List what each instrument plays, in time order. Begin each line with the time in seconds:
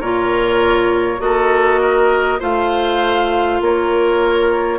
0.00 bassoon A#2, clarinet F4, oboe A#4, flute C#5
1.19 bassoon A#3, clarinet F#4, oboe A4, flute D#5
1.81 oboe A#4
2.39 bassoon A3, clarinet F4, oboe C5, flute F5
3.60 bassoon A#3, oboe A#4, flute C#5